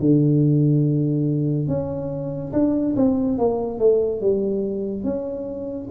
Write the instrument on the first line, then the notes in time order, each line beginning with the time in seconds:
tuba
0.00 D3
1.68 C#4
2.53 D4
2.97 C4
3.39 A#3
3.79 A3
4.21 G3
5.04 C#4